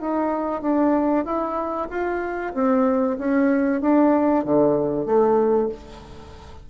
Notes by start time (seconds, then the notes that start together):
0.00 D#4
0.61 D4
1.25 E4
1.90 F4
2.54 C4
3.18 C#4
3.81 D4
4.44 D3
5.06 A3